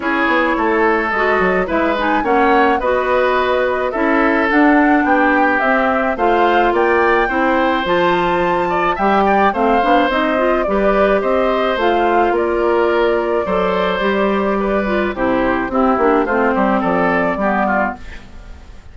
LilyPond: <<
  \new Staff \with { instrumentName = "flute" } { \time 4/4 \tempo 4 = 107 cis''2 dis''4 e''8 gis''8 | fis''4 dis''2 e''4 | fis''4 g''4 e''4 f''4 | g''2 a''2 |
g''4 f''4 dis''4 d''4 | dis''4 f''4 d''2~ | d''2. c''4 | g'4 c''4 d''2 | }
  \new Staff \with { instrumentName = "oboe" } { \time 4/4 gis'4 a'2 b'4 | cis''4 b'2 a'4~ | a'4 g'2 c''4 | d''4 c''2~ c''8 d''8 |
e''8 d''8 c''2 b'4 | c''2 ais'2 | c''2 b'4 g'4 | e'4 f'8 g'8 a'4 g'8 f'8 | }
  \new Staff \with { instrumentName = "clarinet" } { \time 4/4 e'2 fis'4 e'8 dis'8 | cis'4 fis'2 e'4 | d'2 c'4 f'4~ | f'4 e'4 f'2 |
g'4 c'8 d'8 dis'8 f'8 g'4~ | g'4 f'2. | a'4 g'4. f'8 e'4 | c'8 d'8 c'2 b4 | }
  \new Staff \with { instrumentName = "bassoon" } { \time 4/4 cis'8 b8 a4 gis8 fis8 gis4 | ais4 b2 cis'4 | d'4 b4 c'4 a4 | ais4 c'4 f2 |
g4 a8 b8 c'4 g4 | c'4 a4 ais2 | fis4 g2 c4 | c'8 ais8 a8 g8 f4 g4 | }
>>